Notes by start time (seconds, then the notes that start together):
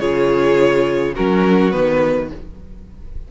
0.00 C#3 F4 G#4 C#5
1.14 F#3 C#4 F#4 A#4
1.71 D#3 B3 B4